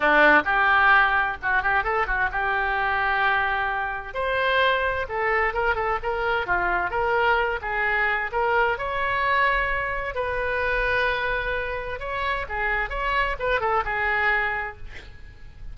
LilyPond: \new Staff \with { instrumentName = "oboe" } { \time 4/4 \tempo 4 = 130 d'4 g'2 fis'8 g'8 | a'8 fis'8 g'2.~ | g'4 c''2 a'4 | ais'8 a'8 ais'4 f'4 ais'4~ |
ais'8 gis'4. ais'4 cis''4~ | cis''2 b'2~ | b'2 cis''4 gis'4 | cis''4 b'8 a'8 gis'2 | }